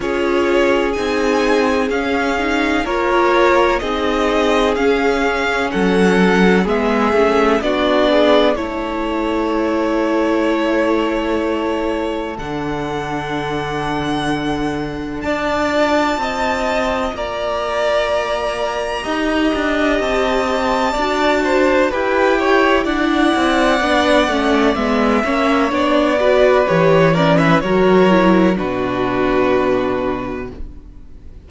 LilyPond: <<
  \new Staff \with { instrumentName = "violin" } { \time 4/4 \tempo 4 = 63 cis''4 gis''4 f''4 cis''4 | dis''4 f''4 fis''4 e''4 | d''4 cis''2.~ | cis''4 fis''2. |
a''2 ais''2~ | ais''4 a''2 g''4 | fis''2 e''4 d''4 | cis''8 d''16 e''16 cis''4 b'2 | }
  \new Staff \with { instrumentName = "violin" } { \time 4/4 gis'2. ais'4 | gis'2 a'4 gis'4 | fis'8 gis'8 a'2.~ | a'1 |
d''4 dis''4 d''2 | dis''2 d''8 c''8 b'8 cis''8 | d''2~ d''8 cis''4 b'8~ | b'8 ais'16 b'16 ais'4 fis'2 | }
  \new Staff \with { instrumentName = "viola" } { \time 4/4 f'4 dis'4 cis'8 dis'8 f'4 | dis'4 cis'2 b8 cis'8 | d'4 e'2.~ | e'4 d'2.~ |
d'8 f'2.~ f'8 | g'2 fis'4 g'4 | e'4 d'8 cis'8 b8 cis'8 d'8 fis'8 | g'8 cis'8 fis'8 e'8 d'2 | }
  \new Staff \with { instrumentName = "cello" } { \time 4/4 cis'4 c'4 cis'4 ais4 | c'4 cis'4 fis4 gis8 a8 | b4 a2.~ | a4 d2. |
d'4 c'4 ais2 | dis'8 d'8 c'4 d'4 e'4 | d'8 c'8 b8 a8 gis8 ais8 b4 | e4 fis4 b,2 | }
>>